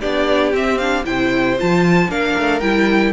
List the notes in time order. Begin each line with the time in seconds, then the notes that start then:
0.00 B3 D4 G4 D5
0.53 C4 E5
0.78 D4 F5
1.04 C3 E4 C5 G5
1.59 F3 F4 A5
2.08 A#3 D4 A#4 F5
2.38 A3
2.60 G3 E4 G5